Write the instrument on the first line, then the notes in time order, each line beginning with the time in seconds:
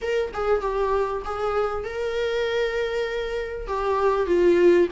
viola
0.01 A#4
0.33 G#4
0.61 G4
1.24 G#4
1.84 A#4
3.67 G4
4.26 F4